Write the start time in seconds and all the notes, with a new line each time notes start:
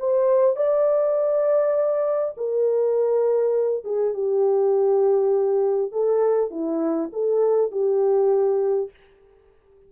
0.00 C5
0.57 D5
2.38 A#4
3.85 G#4
4.14 G4
5.92 A4
6.51 E4
7.13 A4
7.72 G4